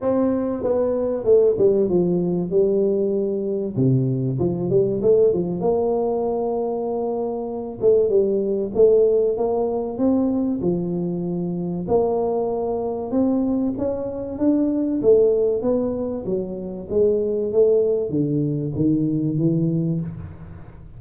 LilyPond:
\new Staff \with { instrumentName = "tuba" } { \time 4/4 \tempo 4 = 96 c'4 b4 a8 g8 f4 | g2 c4 f8 g8 | a8 f8 ais2.~ | ais8 a8 g4 a4 ais4 |
c'4 f2 ais4~ | ais4 c'4 cis'4 d'4 | a4 b4 fis4 gis4 | a4 d4 dis4 e4 | }